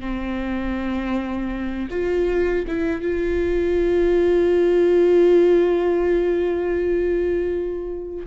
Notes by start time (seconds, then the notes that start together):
0.00 C4
1.90 F4
2.67 E4
3.01 F4